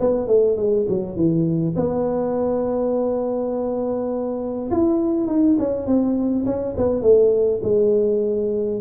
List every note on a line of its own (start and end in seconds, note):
0.00 0.27 B3
0.27 0.57 A3
0.57 0.86 G#3
0.89 1.16 F#3
1.16 1.75 E3
1.76 4.70 B3
4.71 5.27 E4
5.27 5.56 D#4
5.59 5.86 C#4
5.86 6.45 C4
6.46 6.75 C#4
6.77 7.02 B3
7.02 7.61 A3
7.63 8.81 G#3